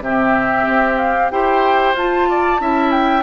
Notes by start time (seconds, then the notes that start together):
0.00 C3 C4 G4 E5
0.67 C4
0.97 F5
1.31 E4 G4 C5 G5
1.94 F4 A5
2.29 D5
2.59 C#4 E4 E5
2.91 G5